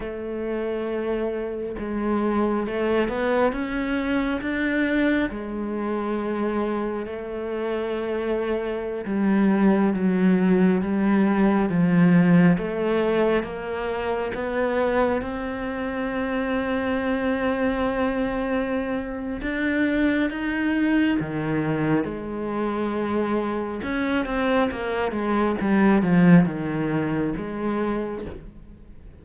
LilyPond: \new Staff \with { instrumentName = "cello" } { \time 4/4 \tempo 4 = 68 a2 gis4 a8 b8 | cis'4 d'4 gis2 | a2~ a16 g4 fis8.~ | fis16 g4 f4 a4 ais8.~ |
ais16 b4 c'2~ c'8.~ | c'2 d'4 dis'4 | dis4 gis2 cis'8 c'8 | ais8 gis8 g8 f8 dis4 gis4 | }